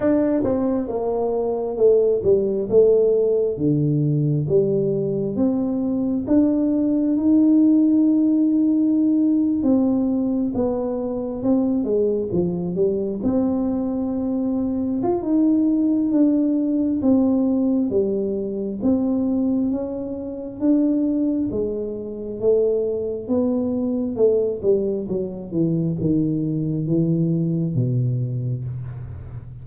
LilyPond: \new Staff \with { instrumentName = "tuba" } { \time 4/4 \tempo 4 = 67 d'8 c'8 ais4 a8 g8 a4 | d4 g4 c'4 d'4 | dis'2~ dis'8. c'4 b16~ | b8. c'8 gis8 f8 g8 c'4~ c'16~ |
c'8. f'16 dis'4 d'4 c'4 | g4 c'4 cis'4 d'4 | gis4 a4 b4 a8 g8 | fis8 e8 dis4 e4 b,4 | }